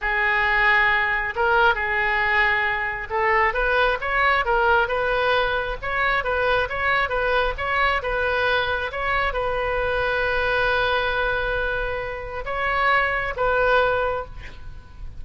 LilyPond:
\new Staff \with { instrumentName = "oboe" } { \time 4/4 \tempo 4 = 135 gis'2. ais'4 | gis'2. a'4 | b'4 cis''4 ais'4 b'4~ | b'4 cis''4 b'4 cis''4 |
b'4 cis''4 b'2 | cis''4 b'2.~ | b'1 | cis''2 b'2 | }